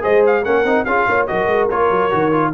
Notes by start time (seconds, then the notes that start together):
0.00 G#3 G#4 C5 D#5
0.26 F5
0.44 A#3 C#4 A#4 F#5
0.64 C4 D#4
0.84 C#4 F4 G#4 F5
1.08 A#3 C#5
1.27 F#3 F#4 A#4 D#5
1.47 G#3
1.69 A#3 F4 C#5
1.90 F#3
2.10 D#3 F#4
2.32 F4